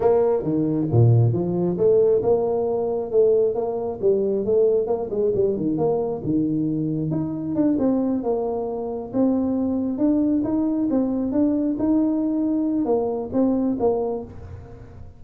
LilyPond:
\new Staff \with { instrumentName = "tuba" } { \time 4/4 \tempo 4 = 135 ais4 dis4 ais,4 f4 | a4 ais2 a4 | ais4 g4 a4 ais8 gis8 | g8 dis8 ais4 dis2 |
dis'4 d'8 c'4 ais4.~ | ais8 c'2 d'4 dis'8~ | dis'8 c'4 d'4 dis'4.~ | dis'4 ais4 c'4 ais4 | }